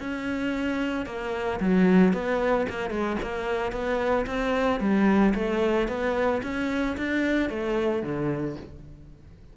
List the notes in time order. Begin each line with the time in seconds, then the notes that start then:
0.00 C#4
1.06 A#3
1.60 F#3
2.14 B3
2.69 A#3
2.91 G#3
3.23 A#3
3.72 B3
4.27 C4
4.80 G3
5.34 A3
5.88 B3
6.43 C#4
6.97 D4
7.50 A3
8.03 D3